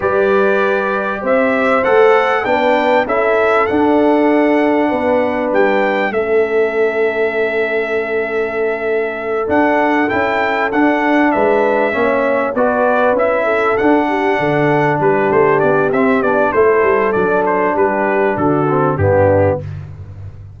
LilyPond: <<
  \new Staff \with { instrumentName = "trumpet" } { \time 4/4 \tempo 4 = 98 d''2 e''4 fis''4 | g''4 e''4 fis''2~ | fis''4 g''4 e''2~ | e''2.~ e''8 fis''8~ |
fis''8 g''4 fis''4 e''4.~ | e''8 d''4 e''4 fis''4.~ | fis''8 b'8 c''8 d''8 e''8 d''8 c''4 | d''8 c''8 b'4 a'4 g'4 | }
  \new Staff \with { instrumentName = "horn" } { \time 4/4 b'2 c''2 | b'4 a'2. | b'2 a'2~ | a'1~ |
a'2~ a'8 b'4 cis''8~ | cis''8 b'4. a'4 g'8 a'8~ | a'8 g'2~ g'8 a'4~ | a'4 g'4 fis'4 d'4 | }
  \new Staff \with { instrumentName = "trombone" } { \time 4/4 g'2. a'4 | d'4 e'4 d'2~ | d'2 cis'2~ | cis'2.~ cis'8 d'8~ |
d'8 e'4 d'2 cis'8~ | cis'8 fis'4 e'4 d'4.~ | d'2 c'8 d'8 e'4 | d'2~ d'8 c'8 b4 | }
  \new Staff \with { instrumentName = "tuba" } { \time 4/4 g2 c'4 a4 | b4 cis'4 d'2 | b4 g4 a2~ | a2.~ a8 d'8~ |
d'8 cis'4 d'4 gis4 ais8~ | ais8 b4 cis'4 d'4 d8~ | d8 g8 a8 b8 c'8 b8 a8 g8 | fis4 g4 d4 g,4 | }
>>